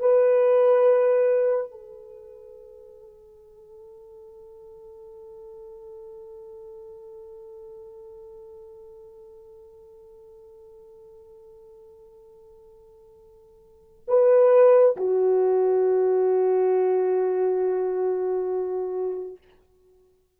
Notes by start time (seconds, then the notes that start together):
0.00 B4
1.71 A4
14.08 B4
14.96 F#4